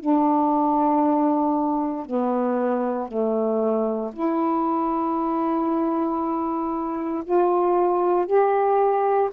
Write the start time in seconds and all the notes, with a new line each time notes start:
0.00 D4
2.06 B3
3.08 A3
4.13 E4
7.24 F4
8.26 G4